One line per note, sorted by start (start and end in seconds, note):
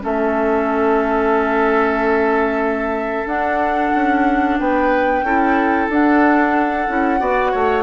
0.00 3.25 A3
0.00 3.26 C#4
0.00 4.60 A4
0.00 3.28 E5
3.25 3.90 D4
3.25 5.23 D4
3.25 4.58 F#5
3.95 4.59 C#4
4.59 5.22 B3
4.59 5.25 B4
4.59 5.89 G5
5.22 5.87 C#4
5.22 5.90 E4
5.22 7.20 A4
5.89 6.87 D4
5.89 7.83 F#5
6.87 7.20 C#4
6.87 7.19 E4
7.19 7.53 B3
7.19 7.83 F#4
7.19 7.51 D5
7.51 7.83 A3
7.51 7.83 C#5